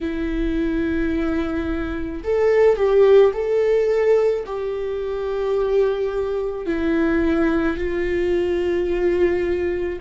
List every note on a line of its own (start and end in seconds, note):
0.01 2.23 E4
2.23 2.76 A4
2.76 3.31 G4
3.33 4.44 A4
4.45 6.66 G4
6.66 7.77 E4
7.77 9.99 F4